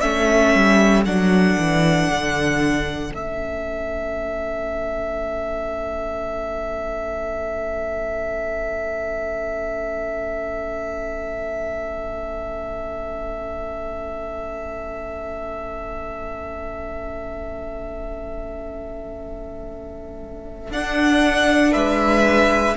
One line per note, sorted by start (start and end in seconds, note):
0.00 0.55 A3
0.00 1.05 C#4
0.00 21.72 A4
0.00 1.03 E5
0.55 1.05 G3
1.05 1.57 F#3
1.05 3.11 D4
1.05 3.13 F#5
1.58 2.10 E3
2.11 3.12 D3
3.11 20.70 A3
3.11 20.69 C#4
3.11 20.72 E5
20.71 21.74 D4
20.71 22.77 D4
20.71 21.73 F#5
21.72 22.77 G#3
21.72 22.76 B4
21.72 22.77 E5